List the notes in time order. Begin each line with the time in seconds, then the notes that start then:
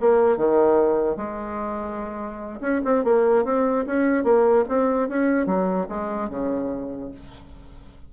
0.00 A#3
0.37 D#3
1.16 G#3
2.60 C#4
2.84 C4
3.04 A#3
3.44 C4
3.86 C#4
4.24 A#3
4.68 C4
5.08 C#4
5.46 F#3
5.88 G#3
6.29 C#3